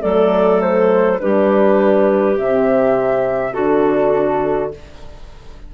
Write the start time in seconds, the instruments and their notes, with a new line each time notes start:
0.00 bassoon F#3, horn A3, clarinet A4, flute D5
0.61 flute C5
1.20 bassoon G3, horn D4, clarinet G4, flute B4
2.37 bassoon C3, horn C4, flute E5
3.53 bassoon D3, horn D4, clarinet F#4, flute A4